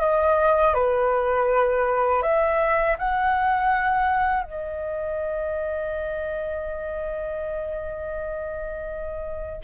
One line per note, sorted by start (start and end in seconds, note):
0.00 0.74 D#5
0.74 2.22 B4
2.22 2.96 E5
2.98 4.43 F#5
4.43 9.62 D#5